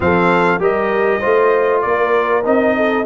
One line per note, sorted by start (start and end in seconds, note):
0.00 0.59 F3
0.00 0.59 C4
0.00 0.60 A4
0.00 0.62 F5
0.59 1.20 G3
0.59 1.20 G4
0.59 1.19 A#4
0.59 1.81 D#5
1.19 1.85 A3
1.19 2.43 F4
1.19 1.81 C5
1.81 2.46 A#3
1.81 2.76 A#4
1.81 2.42 D5
2.43 3.05 C4
2.43 3.04 D#4
2.43 3.05 D#5
2.76 3.05 A4